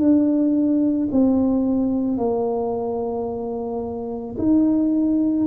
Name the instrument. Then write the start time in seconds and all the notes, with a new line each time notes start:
tuba
0.00 D4
1.12 C4
2.18 A#3
4.39 D#4